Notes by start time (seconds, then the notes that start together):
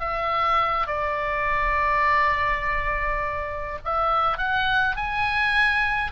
0.00 E5
0.87 D5
3.85 E5
4.38 F#5
4.96 G#5